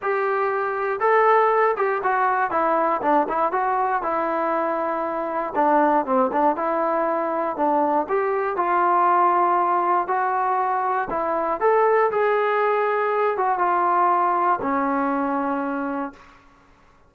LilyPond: \new Staff \with { instrumentName = "trombone" } { \time 4/4 \tempo 4 = 119 g'2 a'4. g'8 | fis'4 e'4 d'8 e'8 fis'4 | e'2. d'4 | c'8 d'8 e'2 d'4 |
g'4 f'2. | fis'2 e'4 a'4 | gis'2~ gis'8 fis'8 f'4~ | f'4 cis'2. | }